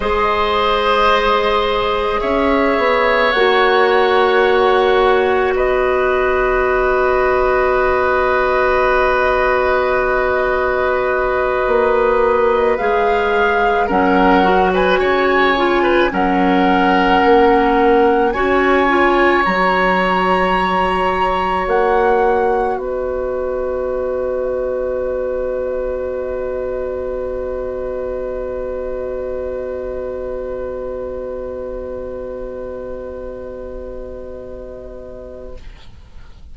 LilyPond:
<<
  \new Staff \with { instrumentName = "flute" } { \time 4/4 \tempo 4 = 54 dis''2 e''4 fis''4~ | fis''4 dis''2.~ | dis''2.~ dis''8 f''8~ | f''8 fis''8. gis''4~ gis''16 fis''4.~ |
fis''8 gis''4 ais''2 fis''8~ | fis''8 dis''2.~ dis''8~ | dis''1~ | dis''1 | }
  \new Staff \with { instrumentName = "oboe" } { \time 4/4 c''2 cis''2~ | cis''4 b'2.~ | b'1~ | b'8 ais'8. b'16 cis''8. b'16 ais'4.~ |
ais'8 cis''2.~ cis''8~ | cis''8 b'2.~ b'8~ | b'1~ | b'1 | }
  \new Staff \with { instrumentName = "clarinet" } { \time 4/4 gis'2. fis'4~ | fis'1~ | fis'2.~ fis'8 gis'8~ | gis'8 cis'8 fis'4 f'8 cis'4.~ |
cis'8 fis'8 f'8 fis'2~ fis'8~ | fis'1~ | fis'1~ | fis'1 | }
  \new Staff \with { instrumentName = "bassoon" } { \time 4/4 gis2 cis'8 b8 ais4~ | ais4 b2.~ | b2~ b8 ais4 gis8~ | gis8 fis4 cis4 fis4 ais8~ |
ais8 cis'4 fis2 ais8~ | ais8 b2.~ b8~ | b1~ | b1 | }
>>